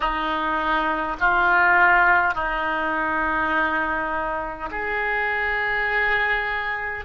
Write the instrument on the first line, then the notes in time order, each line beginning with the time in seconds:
oboe
0.00 D#4
1.20 F4
2.34 D#4
4.71 G#4